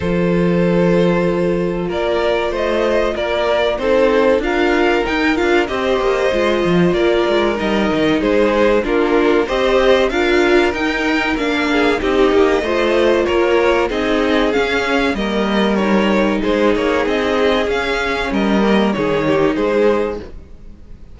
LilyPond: <<
  \new Staff \with { instrumentName = "violin" } { \time 4/4 \tempo 4 = 95 c''2. d''4 | dis''4 d''4 c''4 f''4 | g''8 f''8 dis''2 d''4 | dis''4 c''4 ais'4 dis''4 |
f''4 g''4 f''4 dis''4~ | dis''4 cis''4 dis''4 f''4 | dis''4 cis''4 c''8 cis''8 dis''4 | f''4 dis''4 cis''4 c''4 | }
  \new Staff \with { instrumentName = "violin" } { \time 4/4 a'2. ais'4 | c''4 ais'4 a'4 ais'4~ | ais'4 c''2 ais'4~ | ais'4 gis'4 f'4 c''4 |
ais'2~ ais'8 gis'8 g'4 | c''4 ais'4 gis'2 | ais'2 gis'2~ | gis'4 ais'4 gis'8 g'8 gis'4 | }
  \new Staff \with { instrumentName = "viola" } { \time 4/4 f'1~ | f'2 dis'4 f'4 | dis'8 f'8 g'4 f'2 | dis'2 d'4 g'4 |
f'4 dis'4 d'4 dis'4 | f'2 dis'4 cis'4 | ais4 dis'2. | cis'4. ais8 dis'2 | }
  \new Staff \with { instrumentName = "cello" } { \time 4/4 f2. ais4 | a4 ais4 c'4 d'4 | dis'8 d'8 c'8 ais8 gis8 f8 ais8 gis8 | g8 dis8 gis4 ais4 c'4 |
d'4 dis'4 ais4 c'8 ais8 | a4 ais4 c'4 cis'4 | g2 gis8 ais8 c'4 | cis'4 g4 dis4 gis4 | }
>>